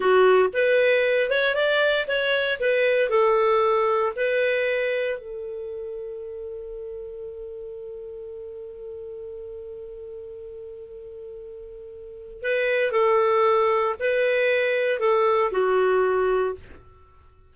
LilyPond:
\new Staff \with { instrumentName = "clarinet" } { \time 4/4 \tempo 4 = 116 fis'4 b'4. cis''8 d''4 | cis''4 b'4 a'2 | b'2 a'2~ | a'1~ |
a'1~ | a'1 | b'4 a'2 b'4~ | b'4 a'4 fis'2 | }